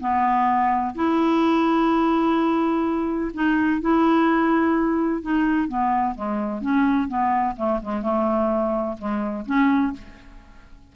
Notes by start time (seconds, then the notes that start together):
0.00 B3
0.95 E4
3.34 D#4
3.81 E4
5.22 D#4
5.68 B3
6.15 G#3
6.61 C#4
7.08 B3
7.56 A3
7.82 G#3
8.02 A3
8.98 G#3
9.46 C#4